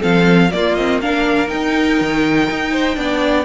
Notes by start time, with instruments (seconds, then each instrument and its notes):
0.00 cello F3, viola C4, violin A4 F5
0.52 viola A#3, cello A#3, violin F4 D5
0.75 viola C4, violin D#5
1.01 viola D4, violin A#4 F5
1.48 viola D#4, cello D#4, violin G5
2.01 cello D#3
2.50 cello D#4
2.72 violin C5
2.95 cello B3, viola D4, violin D5